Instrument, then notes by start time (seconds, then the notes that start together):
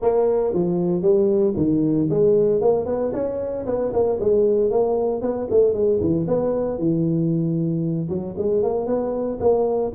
tuba
0.01 A#3
0.53 F3
1.02 G3
1.56 D#3
2.10 G#3
2.61 A#3
2.85 B3
3.13 C#4
3.66 B3
3.93 A#3
4.20 G#3
4.70 A#3
5.21 B3
5.50 A3
5.73 G#3
6.00 E3
6.27 B3
6.78 E3
8.09 F#3
8.37 G#3
8.62 A#3
8.86 B3
9.39 A#3